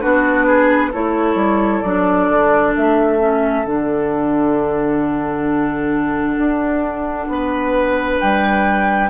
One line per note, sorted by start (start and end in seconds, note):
0.00 0.93 B3
0.00 0.91 D4
0.00 0.46 F#4
0.00 0.91 B4
0.46 0.90 G#4
0.90 1.35 A3
0.90 1.84 E4
0.90 7.27 A4
0.90 1.81 C#5
1.35 1.80 G3
1.81 2.28 F#3
1.81 3.19 D4
1.81 2.72 D5
2.28 2.74 D3
2.76 3.65 A3
2.76 3.65 E5
3.19 3.64 C#4
3.65 6.37 D3
3.65 9.09 D4
3.65 8.19 F#5
6.37 7.27 D4
7.27 8.18 B3
7.27 9.09 B4
8.19 9.09 G3
8.19 9.09 G5